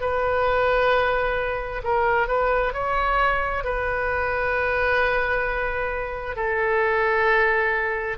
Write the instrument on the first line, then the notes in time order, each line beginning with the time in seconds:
oboe
0.00 B4
1.83 A#4
2.28 B4
2.73 C#5
3.64 B4
6.36 A4